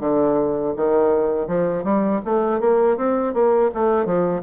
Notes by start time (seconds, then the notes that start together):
0.00 D3
0.76 D#3
1.47 F3
1.84 G3
2.25 A3
2.61 A#3
2.97 C4
3.34 A#3
3.74 A3
4.05 F3